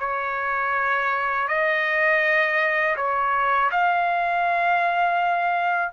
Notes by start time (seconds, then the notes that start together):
0.00 C#5
1.48 D#5
2.97 C#5
3.71 F5